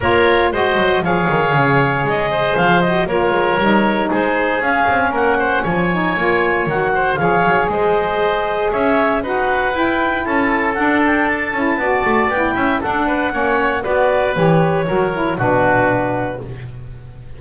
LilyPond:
<<
  \new Staff \with { instrumentName = "clarinet" } { \time 4/4 \tempo 4 = 117 cis''4 dis''4 f''2 | dis''4 f''8 dis''8 cis''2 | c''4 f''4 fis''4 gis''4~ | gis''4 fis''4 f''4 dis''4~ |
dis''4 e''4 fis''4 g''4 | a''4 fis''8 g''8 a''2 | g''4 fis''2 d''4 | cis''2 b'2 | }
  \new Staff \with { instrumentName = "oboe" } { \time 4/4 ais'4 c''4 cis''2~ | cis''8 c''4. ais'2 | gis'2 ais'8 c''8 cis''4~ | cis''4. c''8 cis''4 c''4~ |
c''4 cis''4 b'2 | a'2. d''4~ | d''8 e''8 a'8 b'8 cis''4 b'4~ | b'4 ais'4 fis'2 | }
  \new Staff \with { instrumentName = "saxophone" } { \time 4/4 f'4 fis'4 gis'2~ | gis'4. fis'8 f'4 dis'4~ | dis'4 cis'2~ cis'8 dis'8 | f'4 fis'4 gis'2~ |
gis'2 fis'4 e'4~ | e'4 d'4. e'8 fis'4 | e'4 d'4 cis'4 fis'4 | g'4 fis'8 e'8 d'2 | }
  \new Staff \with { instrumentName = "double bass" } { \time 4/4 ais4 gis8 fis8 f8 dis8 cis4 | gis4 f4 ais8 gis8 g4 | gis4 cis'8 c'8 ais4 f4 | ais4 dis4 f8 fis8 gis4~ |
gis4 cis'4 dis'4 e'4 | cis'4 d'4. cis'8 b8 a8 | b8 cis'8 d'4 ais4 b4 | e4 fis4 b,2 | }
>>